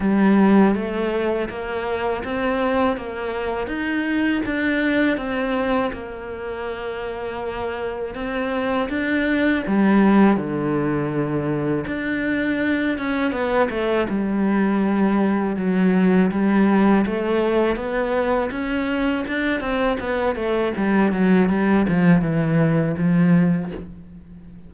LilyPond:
\new Staff \with { instrumentName = "cello" } { \time 4/4 \tempo 4 = 81 g4 a4 ais4 c'4 | ais4 dis'4 d'4 c'4 | ais2. c'4 | d'4 g4 d2 |
d'4. cis'8 b8 a8 g4~ | g4 fis4 g4 a4 | b4 cis'4 d'8 c'8 b8 a8 | g8 fis8 g8 f8 e4 f4 | }